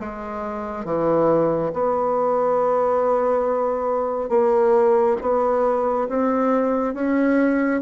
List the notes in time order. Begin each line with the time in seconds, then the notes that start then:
0.00 G#3
0.85 E3
1.73 B3
4.30 A#3
5.21 B3
6.09 C4
6.94 C#4